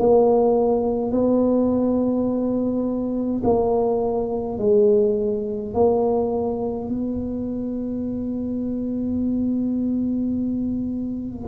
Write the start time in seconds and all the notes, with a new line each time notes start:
0.00 A#3
1.12 B3
3.44 A#3
4.59 G#3
5.74 A#3
6.89 B3